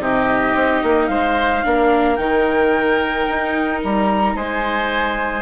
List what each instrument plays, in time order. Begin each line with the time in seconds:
0.00 bassoon C3, viola D#4, oboe G4, flute D#5
0.55 bassoon C4
0.83 bassoon A#3
1.07 bassoon G#3, oboe C5, flute F5
1.64 bassoon A#3, viola D4, oboe A#4
2.16 bassoon D#3, viola D#4, flute G5
3.28 bassoon D#4
3.83 bassoon G3, flute A#5
4.35 bassoon G#3, oboe C5, flute G#5